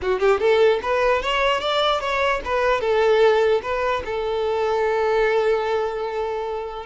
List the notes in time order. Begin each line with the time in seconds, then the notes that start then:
0.02 F#4
0.19 G4
0.40 A4
0.82 B4
1.22 C#5
1.60 D5
2.00 C#5
2.45 B4
2.80 A4
3.62 B4
4.05 A4